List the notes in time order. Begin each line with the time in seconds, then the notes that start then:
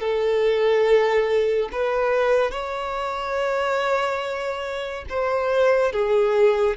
0.00 A4
1.72 B4
2.51 C#5
5.09 C5
5.92 G#4